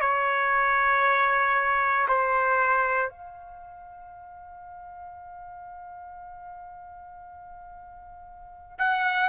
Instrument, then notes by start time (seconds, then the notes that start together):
trumpet
0.00 C#5
2.08 C5
3.10 F5
8.78 F#5